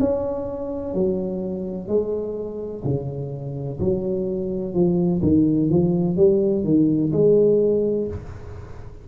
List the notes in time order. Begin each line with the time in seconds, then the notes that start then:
0.00 C#4
0.95 F#3
1.88 G#3
2.84 C#3
3.80 F#3
4.74 F3
5.23 D#3
5.70 F3
6.17 G3
6.65 D#3
7.13 G#3